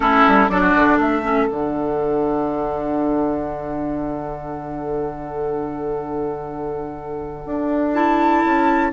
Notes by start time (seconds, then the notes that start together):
0.00 A3 C#4 E4 A4
0.27 G3
0.49 F#3 D4 A4 D5
0.61 F#4
0.75 D3
0.96 A3 A4 E5
1.23 C#4
1.47 D3 D4 F#5
7.45 D4
7.93 E4 A5
8.45 C#4